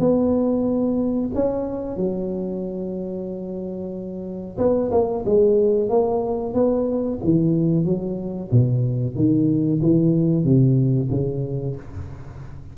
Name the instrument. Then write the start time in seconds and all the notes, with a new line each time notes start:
tuba
0.00 B3
1.35 C#4
1.97 F#3
4.58 B3
4.92 A#3
5.26 G#3
5.90 A#3
6.54 B3
7.24 E3
7.85 F#3
8.52 B2
9.16 D#3
9.82 E3
10.44 C3
11.11 C#3